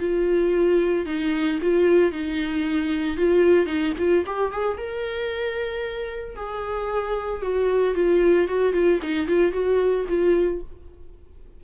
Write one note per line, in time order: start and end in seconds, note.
0.00 1.06 F4
1.06 1.59 D#4
1.62 2.12 F4
2.12 3.17 D#4
3.17 3.67 F4
3.67 3.93 D#4
3.98 4.25 F4
4.26 4.52 G4
4.52 4.77 G#4
4.77 6.36 A#4
6.36 7.42 G#4
7.42 7.95 F#4
7.95 8.48 F4
8.48 8.73 F#4
8.73 9.00 F4
9.02 9.28 D#4
9.28 9.52 F4
9.52 10.05 F#4
10.09 10.62 F4